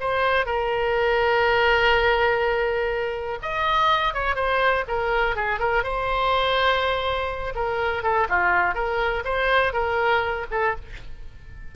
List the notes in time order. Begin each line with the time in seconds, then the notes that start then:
0.00 C5
0.45 A#4
3.42 D#5
4.14 C#5
4.35 C5
4.88 A#4
5.36 G#4
5.59 A#4
5.83 C5
7.55 A#4
8.03 A4
8.29 F4
8.74 A#4
9.24 C5
9.72 A#4
10.51 A4